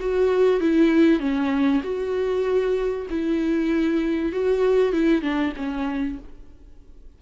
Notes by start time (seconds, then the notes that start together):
0.00 F#4
0.61 E4
1.20 C#4
1.83 F#4
3.10 E4
4.32 F#4
4.93 E4
5.22 D4
5.57 C#4